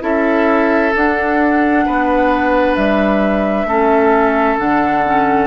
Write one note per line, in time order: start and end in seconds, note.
0.00 0.92 C#4
0.00 0.91 E4
0.00 1.84 A4
0.00 0.93 E5
0.95 1.86 D4
0.95 3.68 D4
0.95 2.75 F#5
1.85 2.76 B3
1.85 3.67 B4
2.75 3.64 G3
2.75 4.57 E5
3.64 4.55 A3
3.64 4.58 C#4
3.64 5.47 A4
4.58 5.47 D3
4.58 5.04 D4
4.58 5.47 F#5
5.05 5.47 C#4